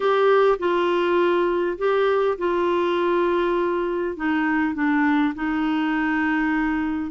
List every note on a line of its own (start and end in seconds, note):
0.00 0.58 G4
0.59 1.77 F4
1.78 2.37 G4
2.38 4.16 F4
4.16 4.74 D#4
4.74 5.33 D4
5.34 7.11 D#4